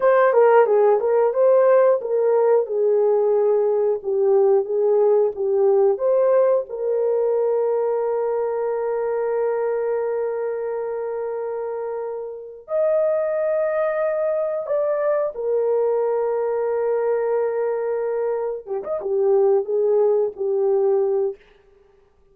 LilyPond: \new Staff \with { instrumentName = "horn" } { \time 4/4 \tempo 4 = 90 c''8 ais'8 gis'8 ais'8 c''4 ais'4 | gis'2 g'4 gis'4 | g'4 c''4 ais'2~ | ais'1~ |
ais'2. dis''4~ | dis''2 d''4 ais'4~ | ais'1 | g'16 dis''16 g'4 gis'4 g'4. | }